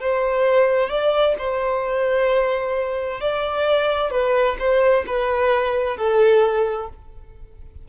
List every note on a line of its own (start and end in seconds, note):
0.00 0.90 C5
0.90 1.35 D5
1.38 3.20 C5
3.20 4.11 D5
4.11 4.57 B4
4.59 5.05 C5
5.07 5.97 B4
5.97 6.89 A4